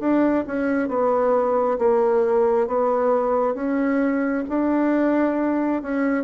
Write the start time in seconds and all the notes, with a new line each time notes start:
0.00 D4
0.47 C#4
0.89 B3
1.79 A#3
2.67 B3
3.55 C#4
4.49 D4
5.82 C#4